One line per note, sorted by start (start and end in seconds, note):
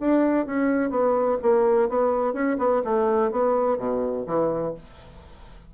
0.00 0.46 D4
0.46 0.90 C#4
0.90 1.38 B3
1.42 1.89 A#3
1.89 2.33 B3
2.33 2.57 C#4
2.58 2.82 B3
2.84 3.32 A3
3.32 3.78 B3
3.78 4.26 B2
4.27 4.74 E3